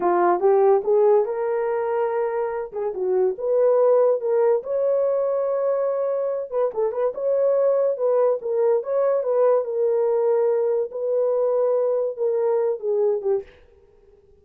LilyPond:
\new Staff \with { instrumentName = "horn" } { \time 4/4 \tempo 4 = 143 f'4 g'4 gis'4 ais'4~ | ais'2~ ais'8 gis'8 fis'4 | b'2 ais'4 cis''4~ | cis''2.~ cis''8 b'8 |
a'8 b'8 cis''2 b'4 | ais'4 cis''4 b'4 ais'4~ | ais'2 b'2~ | b'4 ais'4. gis'4 g'8 | }